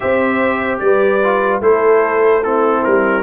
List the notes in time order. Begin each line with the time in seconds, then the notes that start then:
0.00 C4 G4 C5 E5
0.79 G3 B4 D5
1.23 F4
1.60 A3 E4 A4 C5
2.42 C4 E4 A4
2.83 G3 A#4